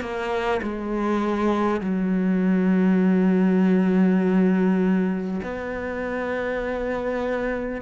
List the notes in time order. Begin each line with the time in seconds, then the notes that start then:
0.00 A#3
0.62 G#3
1.80 F#3
5.42 B3